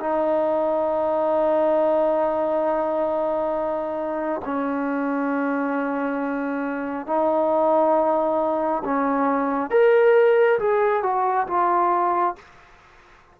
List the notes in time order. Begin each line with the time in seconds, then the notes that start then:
0.00 D#4
4.45 C#4
7.07 D#4
8.84 C#4
9.71 A#4
10.60 G#4
11.03 F#4
11.47 F4